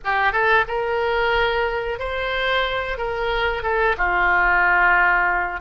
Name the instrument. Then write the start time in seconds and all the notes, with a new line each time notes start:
oboe
0.04 G4
0.32 A4
0.67 A#4
1.99 C5
2.97 A#4
3.62 A4
3.97 F4